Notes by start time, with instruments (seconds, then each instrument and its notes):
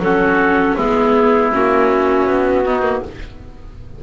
0.00 double bass F#3, viola C#4, oboe F#4, clarinet A4
0.76 double bass G#3, viola B3, oboe E4, clarinet G#4
1.52 double bass A#3, viola C#4, clarinet F#4
2.27 double bass B3
2.64 viola B3, oboe D#4
2.83 viola A#3